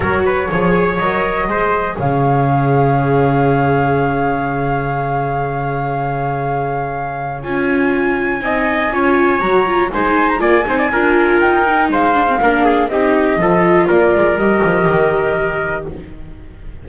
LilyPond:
<<
  \new Staff \with { instrumentName = "flute" } { \time 4/4 \tempo 4 = 121 cis''2 dis''2 | f''1~ | f''1~ | f''2. gis''4~ |
gis''2. ais''4 | gis''8. ais''16 gis''2 g''4 | f''2 dis''2 | d''4 dis''2. | }
  \new Staff \with { instrumentName = "trumpet" } { \time 4/4 ais'8 b'8 cis''2 c''4 | cis''1~ | cis''1~ | cis''1~ |
cis''4 dis''4 cis''2 | c''4 d''8 c''16 d''16 ais'2 | c''4 ais'8 gis'8 g'4 a'4 | ais'1 | }
  \new Staff \with { instrumentName = "viola" } { \time 4/4 fis'4 gis'4 ais'4 gis'4~ | gis'1~ | gis'1~ | gis'2. f'4~ |
f'4 dis'4 f'4 fis'8 f'8 | dis'4 f'8 dis'8 f'4. dis'8~ | dis'8 d'16 c'16 d'4 dis'4 f'4~ | f'4 g'2. | }
  \new Staff \with { instrumentName = "double bass" } { \time 4/4 fis4 f4 fis4 gis4 | cis1~ | cis1~ | cis2. cis'4~ |
cis'4 c'4 cis'4 fis4 | gis4 ais8 c'8 d'4 dis'4 | gis4 ais4 c'4 f4 | ais8 gis8 g8 f8 dis2 | }
>>